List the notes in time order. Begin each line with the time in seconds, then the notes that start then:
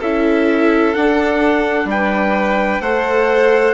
0.00 C#4 E4 A4 E5
0.94 D4 F#5
1.85 G3 B4 G5
2.81 A3 A4 C5 F#5